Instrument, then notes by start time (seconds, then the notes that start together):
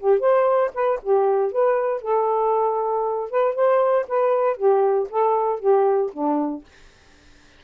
saxophone
0.00 G4
0.20 C5
0.74 B4
1.03 G4
1.52 B4
2.02 A4
3.30 B4
3.55 C5
4.09 B4
4.57 G4
5.10 A4
5.60 G4
6.13 D4